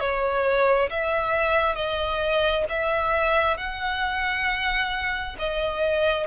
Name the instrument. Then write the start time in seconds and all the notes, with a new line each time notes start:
violin
0.00 C#5
0.90 E5
1.75 D#5
2.69 E5
3.57 F#5
5.39 D#5